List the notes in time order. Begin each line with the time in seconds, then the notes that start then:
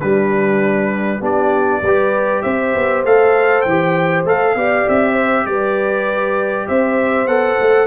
0.00 G3 D4 B4
1.20 B3 D4 G4 D5
1.82 G3 G4 B4
2.42 C4 C5 E5
2.74 B3
3.03 A3 A4 F5
3.61 E3 G5
3.69 G4
4.24 A3 A4 F5
4.55 B3 G4 D5
4.88 C4 E5
5.13 C5
5.45 G3 B4 D5
6.67 C4 C5 E5
7.26 B3 A4 F#5
7.60 A3